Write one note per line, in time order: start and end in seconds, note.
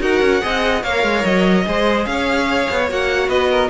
0.00 0.20 D#4
0.00 0.41 F#4
0.00 0.42 A#4
0.00 0.83 F#5
0.20 0.41 C#4
0.41 0.83 C4
0.41 0.82 G#4
0.41 0.83 D#5
0.83 1.03 A#3
0.83 1.64 A#4
0.83 1.65 C#5
0.83 1.24 F5
1.03 1.23 G#3
1.24 1.66 F#3
1.24 2.05 D#5
1.64 2.06 G#3
1.64 2.87 G#4
1.64 2.08 C5
2.05 2.67 C#4
2.05 3.28 C#5
2.05 2.88 F5
2.70 2.90 B3
2.88 3.28 A#3
2.88 3.69 F#4
2.88 3.29 F#5
3.28 3.69 B3
3.28 3.49 B4
3.28 3.69 D#5
3.50 3.69 A#4